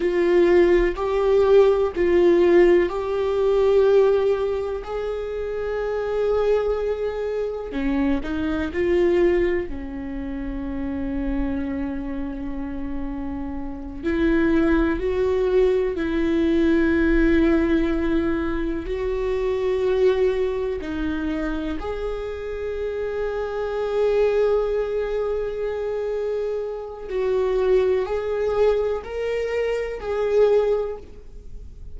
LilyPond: \new Staff \with { instrumentName = "viola" } { \time 4/4 \tempo 4 = 62 f'4 g'4 f'4 g'4~ | g'4 gis'2. | cis'8 dis'8 f'4 cis'2~ | cis'2~ cis'8 e'4 fis'8~ |
fis'8 e'2. fis'8~ | fis'4. dis'4 gis'4.~ | gis'1 | fis'4 gis'4 ais'4 gis'4 | }